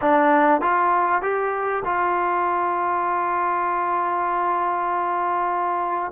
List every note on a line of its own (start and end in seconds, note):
0.01 0.61 D4
0.61 1.22 F4
1.22 1.83 G4
1.85 6.11 F4